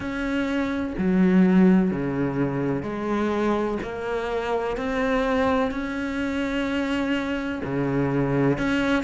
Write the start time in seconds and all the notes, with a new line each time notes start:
0.00 C#4
0.97 F#3
1.90 C#3
2.83 G#3
3.82 A#3
4.77 C4
5.71 C#4
7.64 C#3
8.58 C#4